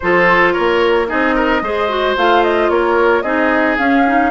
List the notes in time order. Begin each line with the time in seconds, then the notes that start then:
0.00 F3 F4 A4 C5
0.53 A#3 A#4 C#5
1.07 C4 D#4 G#4 D#5
1.35 A#4
1.61 G#3 G#4 C5
1.89 F#4
2.16 A3 F4 F5
2.43 D#5
2.69 A#3 A#4 C#5
3.22 C4 D#4 G#4 D#5
3.77 C#4 F5
4.06 D#4